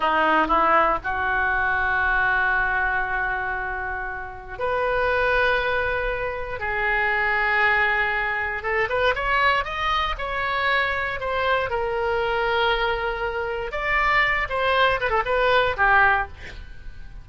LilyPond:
\new Staff \with { instrumentName = "oboe" } { \time 4/4 \tempo 4 = 118 dis'4 e'4 fis'2~ | fis'1~ | fis'4 b'2.~ | b'4 gis'2.~ |
gis'4 a'8 b'8 cis''4 dis''4 | cis''2 c''4 ais'4~ | ais'2. d''4~ | d''8 c''4 b'16 a'16 b'4 g'4 | }